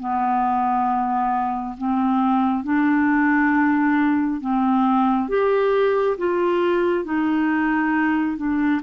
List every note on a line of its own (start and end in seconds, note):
0.00 1.76 B3
1.78 2.64 C4
2.64 4.41 D4
4.41 5.29 C4
5.29 6.17 G4
6.18 7.05 F4
7.05 8.37 D#4
8.37 8.82 D4